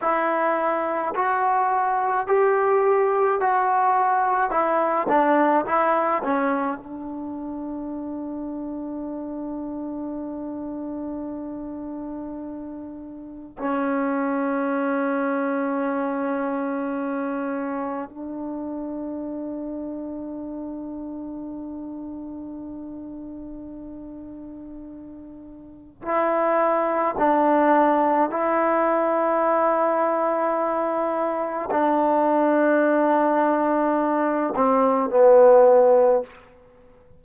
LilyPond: \new Staff \with { instrumentName = "trombone" } { \time 4/4 \tempo 4 = 53 e'4 fis'4 g'4 fis'4 | e'8 d'8 e'8 cis'8 d'2~ | d'1 | cis'1 |
d'1~ | d'2. e'4 | d'4 e'2. | d'2~ d'8 c'8 b4 | }